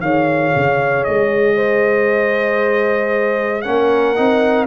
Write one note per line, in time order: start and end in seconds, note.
0.00 0.52 D#3
0.00 3.64 G#4
0.00 1.56 C#5
0.00 1.03 F5
0.55 1.07 C#3
1.03 3.66 G#3
1.03 3.61 D#5
1.56 3.62 C5
3.61 4.18 A#3
3.61 4.15 C#4
3.61 4.67 A#4
3.61 4.65 F#5
4.15 4.67 C4
4.15 4.67 D#4